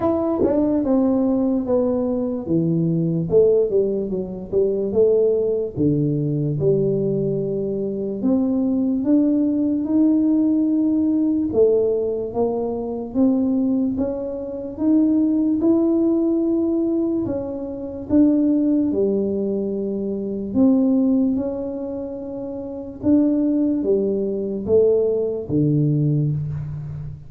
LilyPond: \new Staff \with { instrumentName = "tuba" } { \time 4/4 \tempo 4 = 73 e'8 d'8 c'4 b4 e4 | a8 g8 fis8 g8 a4 d4 | g2 c'4 d'4 | dis'2 a4 ais4 |
c'4 cis'4 dis'4 e'4~ | e'4 cis'4 d'4 g4~ | g4 c'4 cis'2 | d'4 g4 a4 d4 | }